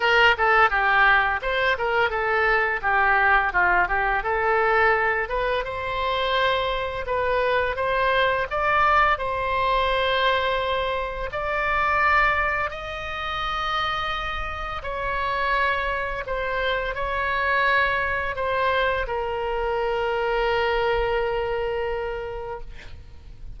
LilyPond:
\new Staff \with { instrumentName = "oboe" } { \time 4/4 \tempo 4 = 85 ais'8 a'8 g'4 c''8 ais'8 a'4 | g'4 f'8 g'8 a'4. b'8 | c''2 b'4 c''4 | d''4 c''2. |
d''2 dis''2~ | dis''4 cis''2 c''4 | cis''2 c''4 ais'4~ | ais'1 | }